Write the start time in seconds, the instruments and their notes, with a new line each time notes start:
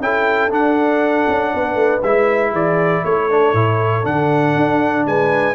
0.00 tuba C#4, trombone E4, horn A4, trumpet G5
0.50 trombone D4, tuba D4, trumpet F#5
1.28 tuba C#4
1.54 tuba B3, horn B4
1.74 tuba A3
2.02 tuba G#3, trombone E4, trumpet E5
2.51 tuba E3, horn G#4, trumpet D5
3.04 tuba A3, horn A4, trumpet C#5
3.30 trombone D4
3.53 tuba A2, trombone E4
4.03 tuba D3, trombone D4, trumpet F#5
4.56 tuba D4
5.06 tuba G#3, horn B4, trumpet G#5